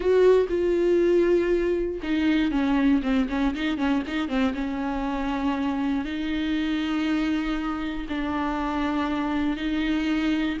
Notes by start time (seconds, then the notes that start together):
0.00 F#4
0.49 F4
2.02 D#4
2.51 C#4
3.02 C4
3.29 C#4
3.54 D#4
3.77 C#4
4.07 D#4
4.28 C4
4.54 C#4
6.04 D#4
8.08 D4
9.56 D#4